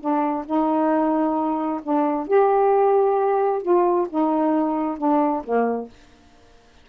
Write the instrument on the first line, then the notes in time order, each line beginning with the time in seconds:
saxophone
0.00 D4
0.46 D#4
1.83 D4
2.28 G4
3.62 F4
4.09 D#4
4.98 D4
5.44 A#3